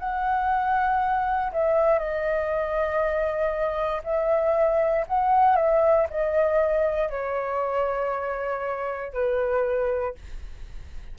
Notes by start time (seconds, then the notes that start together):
0.00 F#5
1.53 E5
1.99 D#5
4.04 E5
5.08 F#5
5.57 E5
6.11 D#5
7.10 C#5
9.13 B4